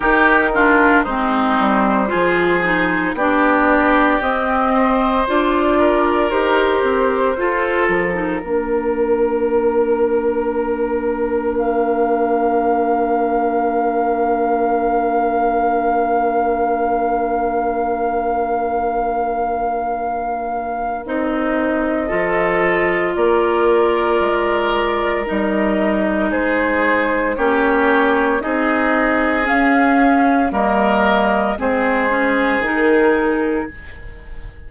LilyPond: <<
  \new Staff \with { instrumentName = "flute" } { \time 4/4 \tempo 4 = 57 ais'4 c''2 d''4 | dis''4 d''4 c''4. ais'8~ | ais'2. f''4~ | f''1~ |
f''1 | dis''2 d''2 | dis''4 c''4 cis''4 dis''4 | f''4 dis''4 c''4 ais'4 | }
  \new Staff \with { instrumentName = "oboe" } { \time 4/4 g'8 f'8 dis'4 gis'4 g'4~ | g'8 c''4 ais'4. a'4 | ais'1~ | ais'1~ |
ais'1~ | ais'4 a'4 ais'2~ | ais'4 gis'4 g'4 gis'4~ | gis'4 ais'4 gis'2 | }
  \new Staff \with { instrumentName = "clarinet" } { \time 4/4 dis'8 d'8 c'4 f'8 dis'8 d'4 | c'4 f'4 g'4 f'8. dis'16 | d'1~ | d'1~ |
d'1 | dis'4 f'2. | dis'2 cis'4 dis'4 | cis'4 ais4 c'8 cis'8 dis'4 | }
  \new Staff \with { instrumentName = "bassoon" } { \time 4/4 dis4 gis8 g8 f4 b4 | c'4 d'4 dis'8 c'8 f'8 f8 | ais1~ | ais1~ |
ais1 | c'4 f4 ais4 gis4 | g4 gis4 ais4 c'4 | cis'4 g4 gis4 dis4 | }
>>